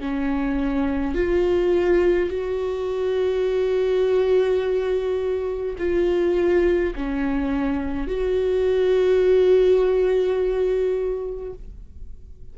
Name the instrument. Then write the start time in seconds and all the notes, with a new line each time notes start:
viola
0.00 C#4
1.15 F4
2.30 F#4
5.78 F4
6.95 C#4
8.08 F#4